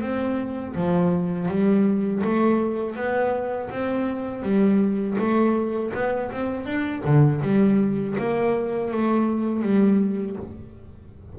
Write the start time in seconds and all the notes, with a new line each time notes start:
0.00 C4
0.75 F3
1.48 G3
2.23 A3
2.95 B3
3.70 C4
4.42 G3
5.18 A3
5.93 B3
6.31 C4
6.65 D4
7.04 D3
7.41 G3
8.18 A#3
8.91 A3
9.62 G3